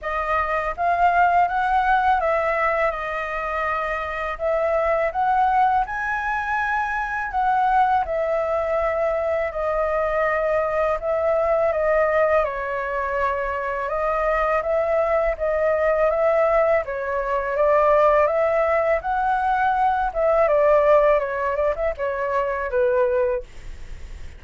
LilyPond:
\new Staff \with { instrumentName = "flute" } { \time 4/4 \tempo 4 = 82 dis''4 f''4 fis''4 e''4 | dis''2 e''4 fis''4 | gis''2 fis''4 e''4~ | e''4 dis''2 e''4 |
dis''4 cis''2 dis''4 | e''4 dis''4 e''4 cis''4 | d''4 e''4 fis''4. e''8 | d''4 cis''8 d''16 e''16 cis''4 b'4 | }